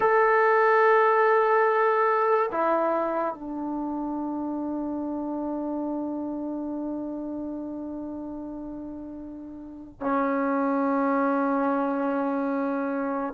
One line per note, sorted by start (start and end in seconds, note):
0.00 2.50 A4
2.51 3.34 E4
3.34 10.00 D4
10.00 13.33 C#4